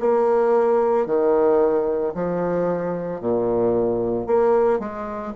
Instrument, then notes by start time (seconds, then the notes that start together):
bassoon
0.00 A#3
1.07 D#3
2.15 F3
3.21 A#2
4.27 A#3
4.80 G#3